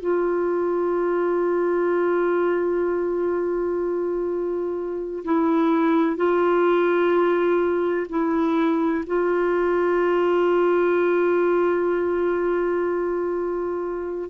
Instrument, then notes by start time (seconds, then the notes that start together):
clarinet
0.00 F4
5.25 E4
6.16 F4
8.09 E4
9.06 F4